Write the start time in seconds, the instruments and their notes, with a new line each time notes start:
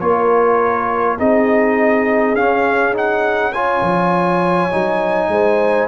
0.00 tuba A#3, trombone F4, horn A#4, trumpet C#5
1.18 tuba C4, trombone D#4, horn G#4, trumpet D#5
2.34 tuba C#4, trombone C#4, trumpet F5
2.94 trombone D#4, trumpet F#5
3.53 trombone F4, horn C#5, trumpet G#5
3.82 tuba F3
4.71 tuba F#3, trombone D#4
5.28 tuba G#3, horn C5